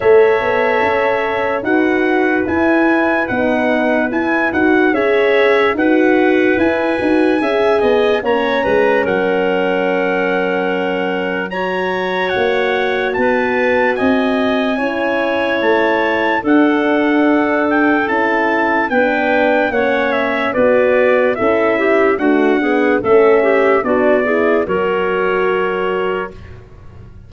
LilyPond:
<<
  \new Staff \with { instrumentName = "trumpet" } { \time 4/4 \tempo 4 = 73 e''2 fis''4 gis''4 | fis''4 gis''8 fis''8 e''4 fis''4 | gis''2 ais''4 fis''4~ | fis''2 ais''4 fis''4 |
a''4 gis''2 a''4 | fis''4. g''8 a''4 g''4 | fis''8 e''8 d''4 e''4 fis''4 | e''4 d''4 cis''2 | }
  \new Staff \with { instrumentName = "clarinet" } { \time 4/4 cis''2 b'2~ | b'2 cis''4 b'4~ | b'4 e''8 dis''8 cis''8 b'8 ais'4~ | ais'2 cis''2 |
b'4 dis''4 cis''2 | a'2. b'4 | cis''4 b'4 a'8 g'8 fis'8 gis'8 | a'8 g'8 fis'8 gis'8 ais'2 | }
  \new Staff \with { instrumentName = "horn" } { \time 4/4 a'2 fis'4 e'4 | dis'4 e'8 fis'8 gis'4 fis'4 | e'8 fis'8 gis'4 cis'2~ | cis'2 fis'2~ |
fis'2 e'2 | d'2 e'4 d'4 | cis'4 fis'4 e'4 a8 b8 | cis'4 d'8 e'8 fis'2 | }
  \new Staff \with { instrumentName = "tuba" } { \time 4/4 a8 b8 cis'4 dis'4 e'4 | b4 e'8 dis'8 cis'4 dis'4 | e'8 dis'8 cis'8 b8 ais8 gis8 fis4~ | fis2. ais4 |
b4 c'4 cis'4 a4 | d'2 cis'4 b4 | ais4 b4 cis'4 d'4 | a4 b4 fis2 | }
>>